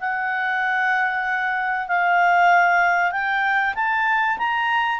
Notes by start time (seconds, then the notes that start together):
0.00 F#5
1.88 F5
3.12 G5
3.75 A5
4.38 A#5